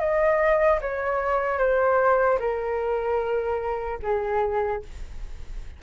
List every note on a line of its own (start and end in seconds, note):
0.00 0.80 D#5
0.81 1.59 C#5
1.59 2.39 C5
2.39 3.99 A#4
4.03 4.83 G#4